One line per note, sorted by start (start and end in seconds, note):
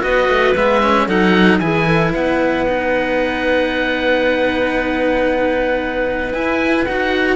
0.00 0.29 B3
0.00 0.53 F#4
0.00 1.06 B4
0.00 0.55 D#5
0.29 0.55 A3
0.55 1.07 G#3
0.55 0.82 B3
0.55 1.08 E5
0.82 1.08 C#4
1.06 1.59 F#3
1.06 1.61 D#4
1.06 1.59 A4
1.06 1.59 F#5
1.59 2.13 E3
1.59 2.67 E4
1.59 1.86 G#4
1.59 2.12 G#5
1.86 2.12 A4
2.12 6.33 B3
2.12 7.36 B4
2.12 6.33 F#5
2.67 6.34 D#4
6.33 6.86 E4
6.33 6.87 E4
6.33 6.85 G#5
6.85 7.36 D#4
6.85 7.36 F#4
6.85 7.36 F#5